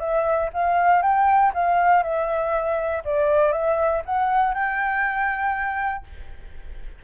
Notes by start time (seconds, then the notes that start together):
0.00 E5
0.53 F5
1.02 G5
1.54 F5
2.03 E5
3.05 D5
3.52 E5
4.05 F#5
4.54 G5